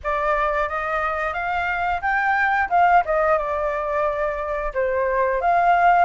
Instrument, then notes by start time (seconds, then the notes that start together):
flute
0.03 D5
0.69 D#5
1.33 F5
2.01 G5
2.69 F5
3.05 D#5
3.37 D5
4.74 C5
5.41 F5